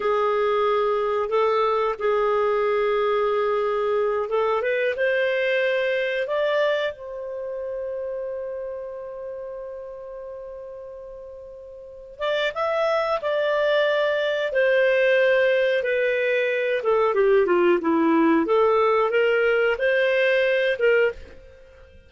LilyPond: \new Staff \with { instrumentName = "clarinet" } { \time 4/4 \tempo 4 = 91 gis'2 a'4 gis'4~ | gis'2~ gis'8 a'8 b'8 c''8~ | c''4. d''4 c''4.~ | c''1~ |
c''2~ c''8 d''8 e''4 | d''2 c''2 | b'4. a'8 g'8 f'8 e'4 | a'4 ais'4 c''4. ais'8 | }